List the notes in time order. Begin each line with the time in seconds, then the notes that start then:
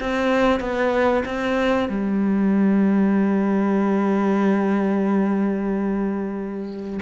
0.00 C4
0.60 B3
1.25 C4
1.89 G3